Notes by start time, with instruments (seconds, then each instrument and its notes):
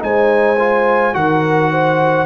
0.00 tuba G#3, trombone D#4, horn C5, trumpet G#5
0.59 trombone F4
1.13 tuba D#3, trombone F#4, horn A#4, trumpet F#5
1.71 horn C5